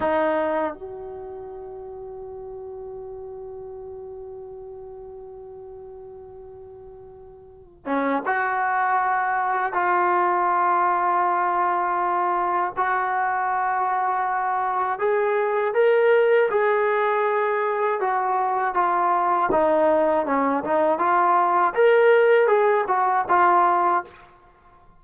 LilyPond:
\new Staff \with { instrumentName = "trombone" } { \time 4/4 \tempo 4 = 80 dis'4 fis'2.~ | fis'1~ | fis'2~ fis'8 cis'8 fis'4~ | fis'4 f'2.~ |
f'4 fis'2. | gis'4 ais'4 gis'2 | fis'4 f'4 dis'4 cis'8 dis'8 | f'4 ais'4 gis'8 fis'8 f'4 | }